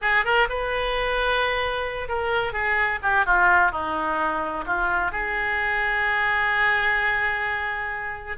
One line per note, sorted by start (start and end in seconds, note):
0.01 0.24 G#4
0.24 0.48 A#4
0.49 2.08 B4
2.08 2.52 A#4
2.52 2.99 G#4
3.02 3.25 G4
3.25 3.71 F4
3.71 4.64 D#4
4.66 5.11 F4
5.11 8.37 G#4